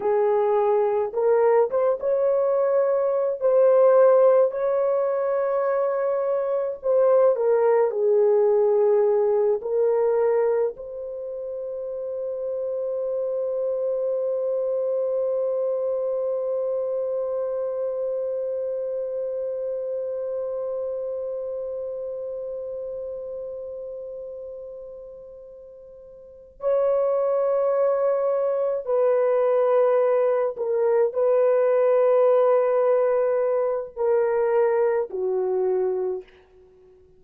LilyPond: \new Staff \with { instrumentName = "horn" } { \time 4/4 \tempo 4 = 53 gis'4 ais'8 c''16 cis''4~ cis''16 c''4 | cis''2 c''8 ais'8 gis'4~ | gis'8 ais'4 c''2~ c''8~ | c''1~ |
c''1~ | c''2.~ c''8 cis''8~ | cis''4. b'4. ais'8 b'8~ | b'2 ais'4 fis'4 | }